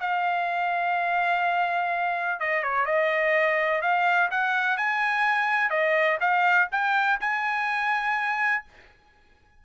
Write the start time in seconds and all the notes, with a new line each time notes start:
0.00 F5
2.40 D#5
2.63 C#5
2.86 D#5
3.82 F5
4.31 F#5
4.77 G#5
5.70 D#5
6.20 F5
6.72 G5
7.20 G#5